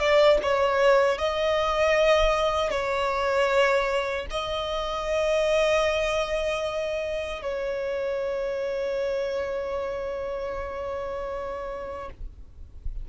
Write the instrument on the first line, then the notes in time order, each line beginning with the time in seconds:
violin
0.00 D5
0.43 C#5
1.18 D#5
2.71 C#5
4.31 D#5
7.42 C#5